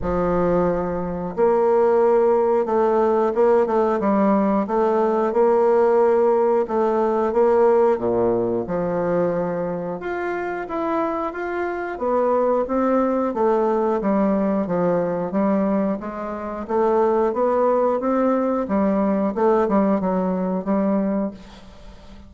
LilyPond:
\new Staff \with { instrumentName = "bassoon" } { \time 4/4 \tempo 4 = 90 f2 ais2 | a4 ais8 a8 g4 a4 | ais2 a4 ais4 | ais,4 f2 f'4 |
e'4 f'4 b4 c'4 | a4 g4 f4 g4 | gis4 a4 b4 c'4 | g4 a8 g8 fis4 g4 | }